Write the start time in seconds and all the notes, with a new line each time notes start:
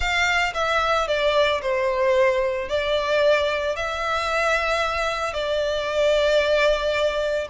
0.00 F5
0.54 E5
1.07 D5
1.61 C5
2.68 D5
3.76 E5
5.33 D5